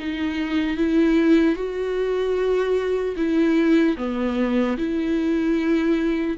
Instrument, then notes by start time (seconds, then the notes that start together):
viola
0.00 D#4
0.77 E4
1.56 F#4
3.17 E4
3.97 B3
4.78 E4